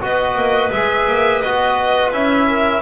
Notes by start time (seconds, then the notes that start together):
0.00 B3 F#4 B4 D#5
0.35 A#3
0.71 G#3 G#4 E5
1.07 A#3
1.41 B3 F#4 D#5
2.12 C#4 E4 E5
2.47 A#4